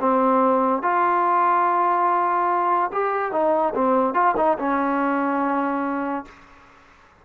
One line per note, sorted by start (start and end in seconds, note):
0.00 0.82 C4
0.82 2.91 F4
2.92 3.31 G4
3.31 3.73 D#4
3.75 4.14 C4
4.14 4.34 F4
4.36 4.57 D#4
4.58 6.25 C#4